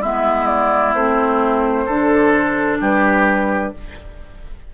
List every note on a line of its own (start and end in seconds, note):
0.00 0.94 G#3
0.00 0.95 B3
0.00 1.85 E4
0.00 0.46 E5
0.46 0.92 D5
0.94 1.86 A3
0.94 1.87 C4
0.94 2.78 C5
1.85 2.79 D3
1.85 3.74 D4
1.85 2.78 A4
2.80 3.72 G3
2.80 3.73 G4
2.80 3.74 B4